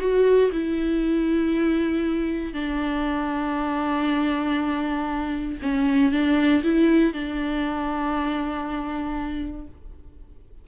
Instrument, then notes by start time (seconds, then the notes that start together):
viola
0.00 F#4
0.52 E4
2.54 D4
5.63 C#4
6.12 D4
6.64 E4
7.13 D4